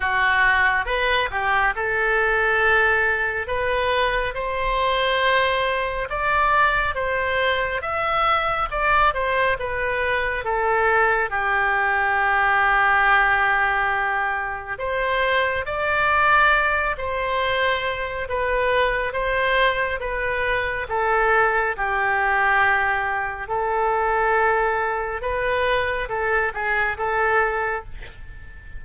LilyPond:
\new Staff \with { instrumentName = "oboe" } { \time 4/4 \tempo 4 = 69 fis'4 b'8 g'8 a'2 | b'4 c''2 d''4 | c''4 e''4 d''8 c''8 b'4 | a'4 g'2.~ |
g'4 c''4 d''4. c''8~ | c''4 b'4 c''4 b'4 | a'4 g'2 a'4~ | a'4 b'4 a'8 gis'8 a'4 | }